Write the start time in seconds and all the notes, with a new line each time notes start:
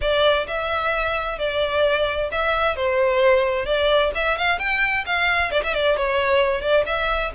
0.01 D5
0.47 E5
1.38 D5
2.31 E5
2.76 C5
3.65 D5
4.15 E5
4.37 F5
4.58 G5
5.05 F5
5.51 D5
5.63 E5
5.74 D5
5.96 C#5
6.61 D5
6.86 E5